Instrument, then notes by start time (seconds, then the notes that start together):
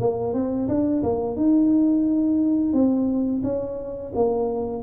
tuba
0.00 A#3
0.34 C4
0.68 D4
1.03 A#3
1.36 D#4
2.73 C4
3.44 C#4
4.15 A#3